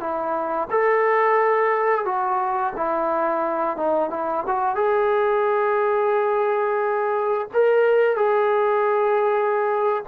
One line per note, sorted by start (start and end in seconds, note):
0.00 0.68 E4
0.71 2.05 A4
2.05 2.74 F#4
2.76 3.77 E4
3.77 4.10 D#4
4.10 4.44 E4
4.47 4.75 F#4
4.75 7.48 G#4
7.54 8.16 A#4
8.16 10.04 G#4